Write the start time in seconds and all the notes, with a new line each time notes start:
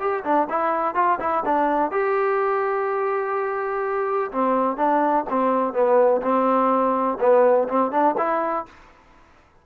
0.00 G4
0.24 D4
0.50 E4
0.95 F4
1.20 E4
1.46 D4
1.92 G4
4.32 C4
4.77 D4
5.30 C4
5.74 B3
6.22 C4
7.20 B3
7.69 C4
7.92 D4
8.18 E4